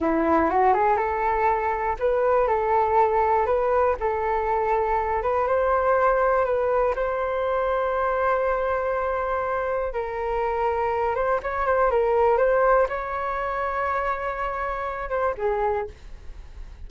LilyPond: \new Staff \with { instrumentName = "flute" } { \time 4/4 \tempo 4 = 121 e'4 fis'8 gis'8 a'2 | b'4 a'2 b'4 | a'2~ a'8 b'8 c''4~ | c''4 b'4 c''2~ |
c''1 | ais'2~ ais'8 c''8 cis''8 c''8 | ais'4 c''4 cis''2~ | cis''2~ cis''8 c''8 gis'4 | }